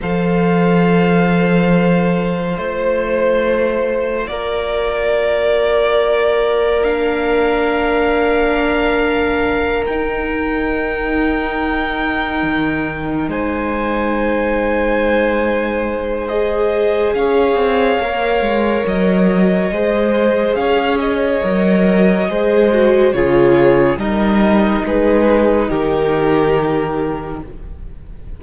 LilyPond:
<<
  \new Staff \with { instrumentName = "violin" } { \time 4/4 \tempo 4 = 70 f''2. c''4~ | c''4 d''2. | f''2.~ f''8 g''8~ | g''2.~ g''8 gis''8~ |
gis''2. dis''4 | f''2 dis''2 | f''8 dis''2~ dis''8 cis''4 | dis''4 b'4 ais'2 | }
  \new Staff \with { instrumentName = "violin" } { \time 4/4 c''1~ | c''4 ais'2.~ | ais'1~ | ais'2.~ ais'8 c''8~ |
c''1 | cis''2. c''4 | cis''2 c''4 gis'4 | ais'4 gis'4 g'2 | }
  \new Staff \with { instrumentName = "viola" } { \time 4/4 a'2. f'4~ | f'1 | d'2.~ d'8 dis'8~ | dis'1~ |
dis'2. gis'4~ | gis'4 ais'2 gis'4~ | gis'4 ais'4 gis'8 fis'8 f'4 | dis'1 | }
  \new Staff \with { instrumentName = "cello" } { \time 4/4 f2. a4~ | a4 ais2.~ | ais2.~ ais8 dis'8~ | dis'2~ dis'8 dis4 gis8~ |
gis1 | cis'8 c'8 ais8 gis8 fis4 gis4 | cis'4 fis4 gis4 cis4 | g4 gis4 dis2 | }
>>